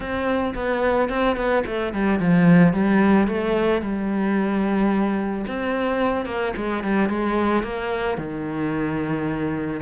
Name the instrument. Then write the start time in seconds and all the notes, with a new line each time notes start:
cello
0.00 C4
0.54 B3
1.09 C4
1.36 B3
1.66 A3
1.93 G3
2.19 F3
2.73 G3
3.27 A3
3.81 G3
5.47 C4
6.25 A#3
6.56 G#3
6.83 G3
7.09 G#3
7.63 A#3
8.17 D#3